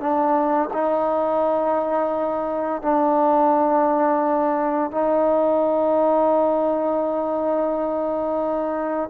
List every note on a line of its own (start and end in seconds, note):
0.00 0.70 D4
0.73 2.82 D#4
2.82 4.91 D4
4.91 9.10 D#4